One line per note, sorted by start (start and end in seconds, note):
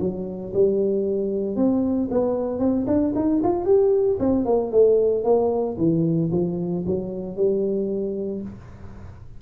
0.00 0.53 F#3
0.54 1.56 G3
1.56 2.09 C4
2.11 2.59 B3
2.59 2.86 C4
2.87 3.13 D4
3.16 3.42 D#4
3.43 3.66 F4
3.66 4.18 G4
4.20 4.46 C4
4.46 4.72 A#3
4.72 5.24 A3
5.24 5.77 A#3
5.78 6.31 E3
6.32 6.84 F3
6.86 7.37 F#3
7.37 8.42 G3